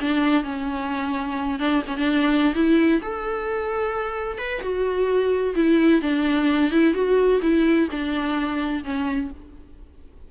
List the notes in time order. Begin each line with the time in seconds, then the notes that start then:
0.00 D4
0.43 C#4
1.59 D4
1.86 C#4
1.96 D4
2.54 E4
3.01 A4
4.37 B4
4.61 F#4
5.55 E4
6.01 D4
6.71 E4
6.93 F#4
7.41 E4
7.90 D4
8.84 C#4